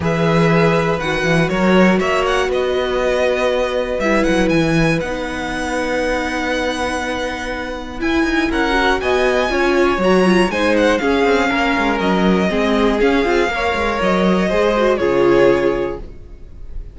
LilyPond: <<
  \new Staff \with { instrumentName = "violin" } { \time 4/4 \tempo 4 = 120 e''2 fis''4 cis''4 | e''8 fis''8 dis''2. | e''8 fis''8 gis''4 fis''2~ | fis''1 |
gis''4 fis''4 gis''2 | ais''4 gis''8 fis''8 f''2 | dis''2 f''2 | dis''2 cis''2 | }
  \new Staff \with { instrumentName = "violin" } { \time 4/4 b'2. ais'4 | cis''4 b'2.~ | b'1~ | b'1~ |
b'4 ais'4 dis''4 cis''4~ | cis''4 c''4 gis'4 ais'4~ | ais'4 gis'2 cis''4~ | cis''4 c''4 gis'2 | }
  \new Staff \with { instrumentName = "viola" } { \time 4/4 gis'2 fis'2~ | fis'1 | e'2 dis'2~ | dis'1 |
e'4. fis'4. f'4 | fis'8 f'8 dis'4 cis'2~ | cis'4 c'4 cis'8 f'8 ais'4~ | ais'4 gis'8 fis'8 f'2 | }
  \new Staff \with { instrumentName = "cello" } { \time 4/4 e2 dis8 e8 fis4 | ais4 b2. | g8 fis8 e4 b2~ | b1 |
e'8 dis'8 cis'4 b4 cis'4 | fis4 gis4 cis'8 c'8 ais8 gis8 | fis4 gis4 cis'8 c'8 ais8 gis8 | fis4 gis4 cis2 | }
>>